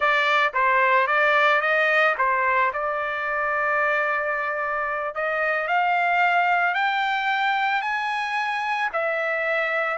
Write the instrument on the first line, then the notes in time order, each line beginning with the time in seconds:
trumpet
0.00 D5
0.53 C5
1.07 D5
1.61 D#5
2.17 C5
2.73 D5
5.14 D#5
5.67 F5
6.74 G5
7.81 G#5
8.92 E5